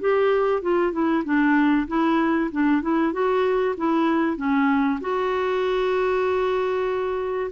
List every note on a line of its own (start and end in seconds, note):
0.00 0.62 G4
0.62 0.92 F4
0.92 1.23 E4
1.24 1.87 D4
1.88 2.50 E4
2.51 2.82 D4
2.82 3.12 E4
3.12 3.75 F#4
3.77 4.37 E4
4.37 4.99 C#4
5.00 7.50 F#4